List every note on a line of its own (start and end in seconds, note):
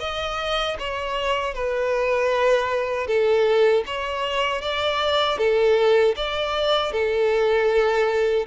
0.00 0.77 D#5
0.79 1.54 C#5
1.54 3.07 B4
3.07 3.84 A4
3.86 4.61 C#5
4.61 5.38 D5
5.38 6.15 A4
6.16 6.92 D5
6.92 8.46 A4